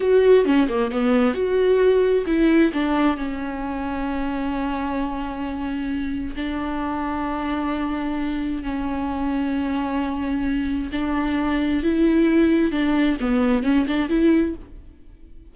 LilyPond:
\new Staff \with { instrumentName = "viola" } { \time 4/4 \tempo 4 = 132 fis'4 cis'8 ais8 b4 fis'4~ | fis'4 e'4 d'4 cis'4~ | cis'1~ | cis'2 d'2~ |
d'2. cis'4~ | cis'1 | d'2 e'2 | d'4 b4 cis'8 d'8 e'4 | }